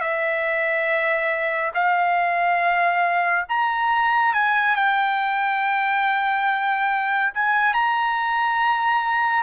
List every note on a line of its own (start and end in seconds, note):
0.00 1.71 E5
1.74 3.45 F5
3.48 4.33 A#5
4.33 4.75 G#5
4.75 7.32 G5
7.34 7.73 G#5
7.73 9.43 A#5